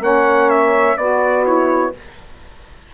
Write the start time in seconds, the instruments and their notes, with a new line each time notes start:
0.00 bassoon A#3, saxophone C#4 C#5, trumpet F#5
0.50 trumpet E5
0.96 bassoon B3, saxophone F#4, trumpet D5
1.44 saxophone E4, trumpet C#5